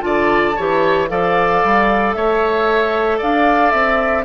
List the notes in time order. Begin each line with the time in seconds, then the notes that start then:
0.00 D3 F4 D5 A5
0.56 E3 G4 C#5
1.08 F3 A4 D5 F5
1.64 G3
2.13 A3 C#5 E5
3.18 D4 D5 F5
3.71 C4 E5